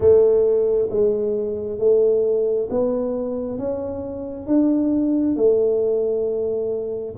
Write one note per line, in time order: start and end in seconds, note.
0.00 0.88 A3
0.90 1.78 G#3
1.78 2.68 A3
2.70 3.58 B3
3.58 4.47 C#4
4.47 5.36 D4
5.36 7.15 A3